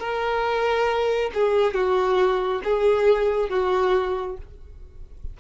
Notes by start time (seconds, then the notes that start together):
0.00 A#4
1.35 G#4
1.74 F#4
2.64 G#4
3.50 F#4